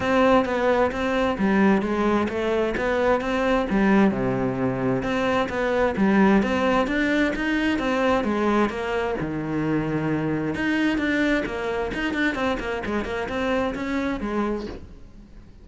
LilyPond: \new Staff \with { instrumentName = "cello" } { \time 4/4 \tempo 4 = 131 c'4 b4 c'4 g4 | gis4 a4 b4 c'4 | g4 c2 c'4 | b4 g4 c'4 d'4 |
dis'4 c'4 gis4 ais4 | dis2. dis'4 | d'4 ais4 dis'8 d'8 c'8 ais8 | gis8 ais8 c'4 cis'4 gis4 | }